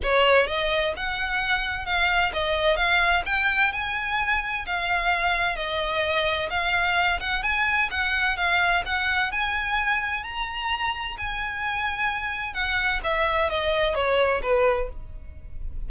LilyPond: \new Staff \with { instrumentName = "violin" } { \time 4/4 \tempo 4 = 129 cis''4 dis''4 fis''2 | f''4 dis''4 f''4 g''4 | gis''2 f''2 | dis''2 f''4. fis''8 |
gis''4 fis''4 f''4 fis''4 | gis''2 ais''2 | gis''2. fis''4 | e''4 dis''4 cis''4 b'4 | }